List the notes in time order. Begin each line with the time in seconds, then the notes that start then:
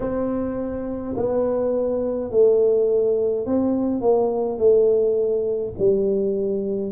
0.00 C4
1.16 B3
2.30 A3
3.46 C4
4.01 A#3
4.58 A3
5.78 G3